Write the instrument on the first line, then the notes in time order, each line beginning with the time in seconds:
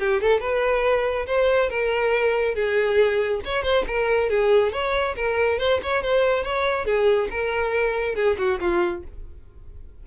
violin
0.00 G4
0.21 A4
0.40 B4
1.27 C5
1.70 A#4
2.55 G#4
3.45 C#5
3.64 C5
3.88 A#4
4.30 G#4
4.73 C#5
5.16 A#4
5.59 C5
5.83 C#5
6.03 C5
6.44 C#5
6.86 G#4
7.31 A#4
8.16 G#4
8.38 F#4
8.60 F4